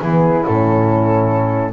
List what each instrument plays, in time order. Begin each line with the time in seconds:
0.00 double bass E3, horn B3, saxophone E4, flute G#4
0.45 double bass A2, horn C#4, flute A4